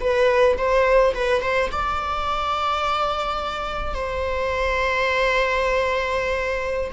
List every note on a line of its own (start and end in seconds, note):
0.00 0.57 B4
0.57 1.13 C5
1.14 1.42 B4
1.42 1.70 C5
1.71 3.94 D5
3.94 6.91 C5